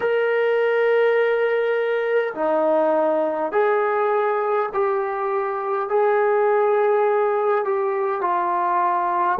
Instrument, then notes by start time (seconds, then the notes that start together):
trombone
0.00 A#4
2.34 D#4
3.52 G#4
4.73 G4
5.89 G#4
7.64 G4
8.21 F4